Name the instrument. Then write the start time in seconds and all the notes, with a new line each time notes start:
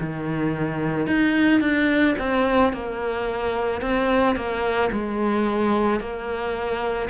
cello
0.00 D#3
1.07 D#4
1.61 D4
2.19 C4
2.73 A#3
3.81 C4
4.36 A#3
4.92 G#3
6.00 A#3